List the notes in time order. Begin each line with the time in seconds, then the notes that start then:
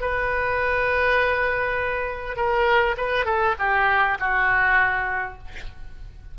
0.00 B4
2.36 A#4
2.97 B4
3.25 A4
3.58 G4
4.19 F#4